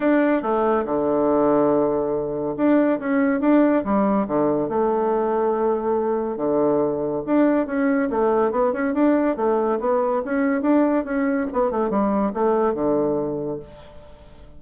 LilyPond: \new Staff \with { instrumentName = "bassoon" } { \time 4/4 \tempo 4 = 141 d'4 a4 d2~ | d2 d'4 cis'4 | d'4 g4 d4 a4~ | a2. d4~ |
d4 d'4 cis'4 a4 | b8 cis'8 d'4 a4 b4 | cis'4 d'4 cis'4 b8 a8 | g4 a4 d2 | }